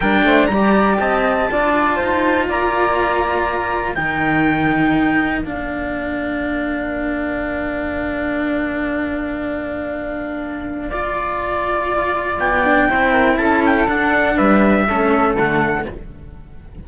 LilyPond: <<
  \new Staff \with { instrumentName = "trumpet" } { \time 4/4 \tempo 4 = 121 g''4 ais''4 a''2~ | a''4 ais''2. | g''2. f''4~ | f''1~ |
f''1~ | f''1~ | f''4 g''2 a''8 g''8 | fis''4 e''2 fis''4 | }
  \new Staff \with { instrumentName = "flute" } { \time 4/4 ais'8 c''8 d''4 dis''4 d''4 | c''4 d''2. | ais'1~ | ais'1~ |
ais'1~ | ais'2 d''2~ | d''2 c''8 ais'8 a'4~ | a'4 b'4 a'2 | }
  \new Staff \with { instrumentName = "cello" } { \time 4/4 d'4 g'2 f'4~ | f'1 | dis'2. d'4~ | d'1~ |
d'1~ | d'2 f'2~ | f'4. d'8 e'2 | d'2 cis'4 a4 | }
  \new Staff \with { instrumentName = "cello" } { \time 4/4 g8 a8 g4 c'4 d'4 | dis'4 ais2. | dis2. ais4~ | ais1~ |
ais1~ | ais1~ | ais4 b4 c'4 cis'4 | d'4 g4 a4 d4 | }
>>